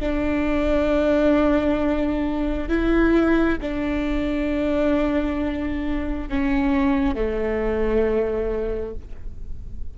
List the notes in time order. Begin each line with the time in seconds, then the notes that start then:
0.00 D4
2.69 E4
3.61 D4
6.29 C#4
7.15 A3